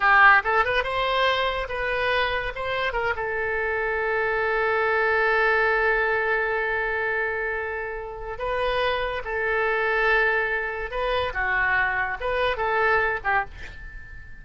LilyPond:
\new Staff \with { instrumentName = "oboe" } { \time 4/4 \tempo 4 = 143 g'4 a'8 b'8 c''2 | b'2 c''4 ais'8 a'8~ | a'1~ | a'1~ |
a'1 | b'2 a'2~ | a'2 b'4 fis'4~ | fis'4 b'4 a'4. g'8 | }